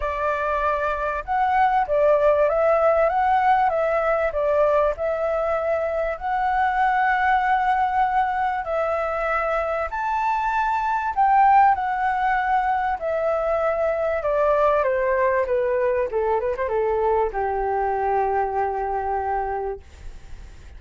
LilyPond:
\new Staff \with { instrumentName = "flute" } { \time 4/4 \tempo 4 = 97 d''2 fis''4 d''4 | e''4 fis''4 e''4 d''4 | e''2 fis''2~ | fis''2 e''2 |
a''2 g''4 fis''4~ | fis''4 e''2 d''4 | c''4 b'4 a'8 b'16 c''16 a'4 | g'1 | }